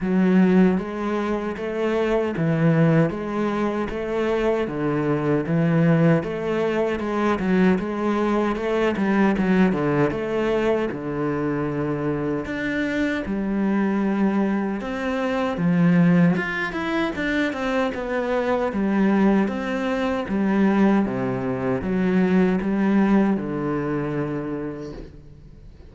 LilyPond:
\new Staff \with { instrumentName = "cello" } { \time 4/4 \tempo 4 = 77 fis4 gis4 a4 e4 | gis4 a4 d4 e4 | a4 gis8 fis8 gis4 a8 g8 | fis8 d8 a4 d2 |
d'4 g2 c'4 | f4 f'8 e'8 d'8 c'8 b4 | g4 c'4 g4 c4 | fis4 g4 d2 | }